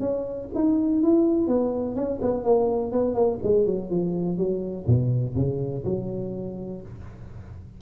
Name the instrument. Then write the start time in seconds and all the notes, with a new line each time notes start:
tuba
0.00 C#4
0.55 D#4
1.03 E4
1.48 B3
1.96 C#4
2.21 B3
2.44 A#3
2.92 B3
3.15 A#3
3.43 G#3
3.66 F#3
3.90 F3
4.38 F#3
4.87 B2
5.35 C#3
5.85 F#3